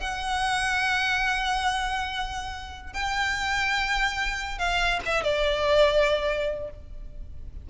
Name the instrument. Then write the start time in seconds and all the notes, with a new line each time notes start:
violin
0.00 F#5
2.93 G5
4.58 F5
5.06 E5
5.23 D5